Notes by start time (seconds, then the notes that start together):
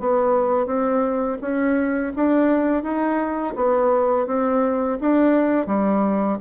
0.00 B3
0.66 C4
1.42 C#4
2.16 D4
2.83 D#4
3.56 B3
4.27 C4
5.01 D4
5.67 G3